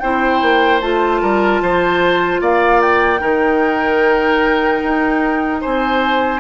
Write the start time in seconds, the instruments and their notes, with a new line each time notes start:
0.00 bassoon C4, clarinet E4, oboe C5, flute G5
0.42 bassoon A#3
0.81 bassoon A3, clarinet F4, flute A5
1.22 bassoon G3, oboe A#4
1.62 bassoon F3, oboe C5
2.42 bassoon A#3, oboe D5, flute F5
2.81 flute G5
3.20 bassoon D#3, clarinet D#4, oboe A#4
4.83 bassoon D#4
5.62 bassoon C4, oboe C5, flute G#5